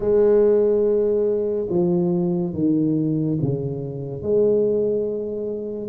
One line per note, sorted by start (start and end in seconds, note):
0.00 1.67 G#3
1.69 2.54 F3
2.54 3.38 D#3
3.41 4.22 C#3
4.22 5.88 G#3